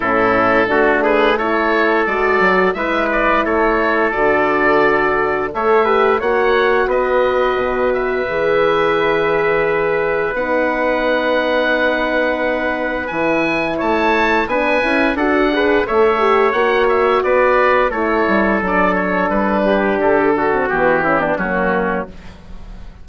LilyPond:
<<
  \new Staff \with { instrumentName = "oboe" } { \time 4/4 \tempo 4 = 87 a'4. b'8 cis''4 d''4 | e''8 d''8 cis''4 d''2 | e''4 fis''4 dis''4. e''8~ | e''2. fis''4~ |
fis''2. gis''4 | a''4 gis''4 fis''4 e''4 | fis''8 e''8 d''4 cis''4 d''8 cis''8 | b'4 a'4 g'4 fis'4 | }
  \new Staff \with { instrumentName = "trumpet" } { \time 4/4 e'4 fis'8 gis'8 a'2 | b'4 a'2. | cis''8 b'8 cis''4 b'2~ | b'1~ |
b'1 | cis''4 b'4 a'8 b'8 cis''4~ | cis''4 b'4 a'2~ | a'8 g'4 fis'4 e'16 d'16 cis'4 | }
  \new Staff \with { instrumentName = "horn" } { \time 4/4 cis'4 d'4 e'4 fis'4 | e'2 fis'2 | a'8 g'8 fis'2. | gis'2. dis'4~ |
dis'2. e'4~ | e'4 d'8 e'8 fis'8 gis'8 a'8 g'8 | fis'2 e'4 d'4~ | d'4.~ d'16 c'16 b8 cis'16 b16 ais4 | }
  \new Staff \with { instrumentName = "bassoon" } { \time 4/4 a,4 a2 gis8 fis8 | gis4 a4 d2 | a4 ais4 b4 b,4 | e2. b4~ |
b2. e4 | a4 b8 cis'8 d'4 a4 | ais4 b4 a8 g8 fis4 | g4 d4 e4 fis4 | }
>>